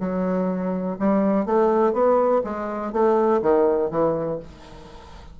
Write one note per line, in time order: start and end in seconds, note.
0.00 0.98 F#3
0.99 1.46 G3
1.46 1.93 A3
1.93 2.42 B3
2.44 2.92 G#3
2.92 3.41 A3
3.42 3.90 D#3
3.91 4.39 E3